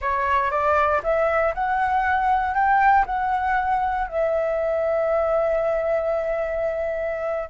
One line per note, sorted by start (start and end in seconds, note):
0.01 0.50 C#5
0.50 1.01 D5
1.03 1.53 E5
1.54 2.54 F#5
2.54 3.05 G5
3.06 4.07 F#5
4.07 7.49 E5